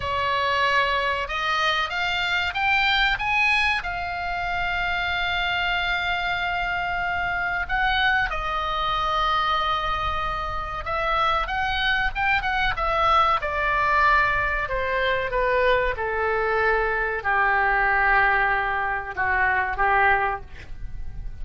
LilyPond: \new Staff \with { instrumentName = "oboe" } { \time 4/4 \tempo 4 = 94 cis''2 dis''4 f''4 | g''4 gis''4 f''2~ | f''1 | fis''4 dis''2.~ |
dis''4 e''4 fis''4 g''8 fis''8 | e''4 d''2 c''4 | b'4 a'2 g'4~ | g'2 fis'4 g'4 | }